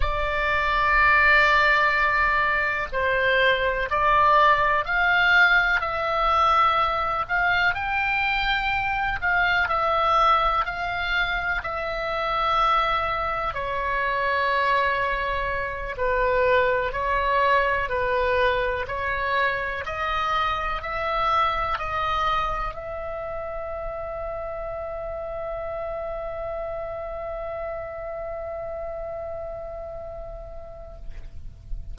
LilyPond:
\new Staff \with { instrumentName = "oboe" } { \time 4/4 \tempo 4 = 62 d''2. c''4 | d''4 f''4 e''4. f''8 | g''4. f''8 e''4 f''4 | e''2 cis''2~ |
cis''8 b'4 cis''4 b'4 cis''8~ | cis''8 dis''4 e''4 dis''4 e''8~ | e''1~ | e''1 | }